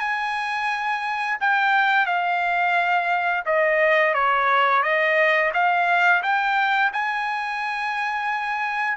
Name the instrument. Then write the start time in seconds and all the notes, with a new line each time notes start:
trumpet
0.00 G#5
1.41 G5
2.07 F5
3.46 D#5
4.14 C#5
4.83 D#5
5.54 F5
6.23 G5
6.93 G#5